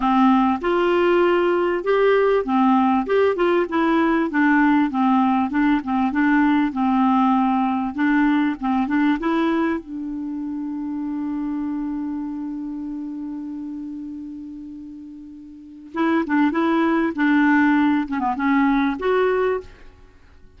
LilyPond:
\new Staff \with { instrumentName = "clarinet" } { \time 4/4 \tempo 4 = 98 c'4 f'2 g'4 | c'4 g'8 f'8 e'4 d'4 | c'4 d'8 c'8 d'4 c'4~ | c'4 d'4 c'8 d'8 e'4 |
d'1~ | d'1~ | d'2 e'8 d'8 e'4 | d'4. cis'16 b16 cis'4 fis'4 | }